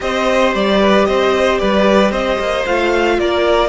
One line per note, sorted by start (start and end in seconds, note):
0.00 0.54 C4
0.00 2.65 G4
0.00 0.80 C5
0.00 0.54 D#5
0.54 1.07 G3
0.54 1.05 D5
0.80 1.07 B4
1.05 1.61 C4
1.05 1.60 C5
1.05 1.58 D#5
1.58 2.11 G3
1.58 2.11 B4
1.58 2.11 D5
2.11 2.37 C4
2.11 3.17 C5
2.11 2.65 D#5
2.39 2.65 A#3
2.66 3.18 A3
2.66 3.69 F4
2.66 3.19 F5
3.18 3.69 A#3
3.18 3.69 A#4
3.18 3.69 D5